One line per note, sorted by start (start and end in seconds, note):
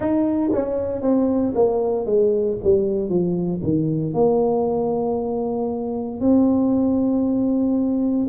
0.00 0.50 D#4
0.52 1.01 C#4
1.01 1.53 C4
1.54 2.05 A#3
2.05 2.57 G#3
2.63 3.09 G3
3.09 3.61 F3
3.63 4.13 D#3
4.13 6.20 A#3
6.20 8.27 C4